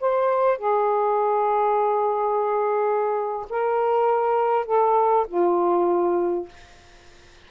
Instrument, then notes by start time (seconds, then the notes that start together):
saxophone
0.00 C5
0.58 G#4
3.50 A#4
4.66 A4
5.27 F4